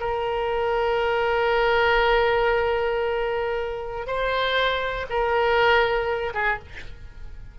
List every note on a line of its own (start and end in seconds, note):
0.00 4.07 A#4
4.07 5.06 C5
5.09 6.33 A#4
6.34 6.59 G#4